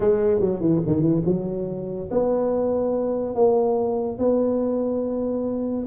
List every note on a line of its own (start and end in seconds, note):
0.00 0.40 G#3
0.40 0.60 F#3
0.60 0.81 E3
0.86 1.01 D#3
1.01 1.22 E3
1.25 2.09 F#3
2.11 3.35 B3
3.35 4.18 A#3
4.18 5.86 B3